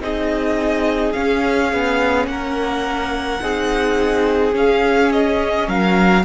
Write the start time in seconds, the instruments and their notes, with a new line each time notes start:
0.00 cello C4, viola D#4, violin G#4 D#5
1.12 viola C#4, cello C#4, violin F5
1.73 cello B3
2.26 cello A#3, violin A#4 F#5
3.42 cello C4, viola D#4, violin G#4
4.52 viola C#4, cello C#4, violin F5
5.12 violin D#5
5.68 cello F#3, violin A#4 F5